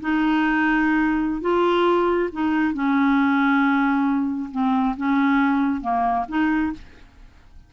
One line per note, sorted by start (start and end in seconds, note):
0.00 1.41 D#4
1.41 2.29 F4
2.32 2.73 D#4
2.73 4.50 C#4
4.51 4.95 C4
4.97 5.81 C#4
5.81 6.25 A#3
6.28 6.72 D#4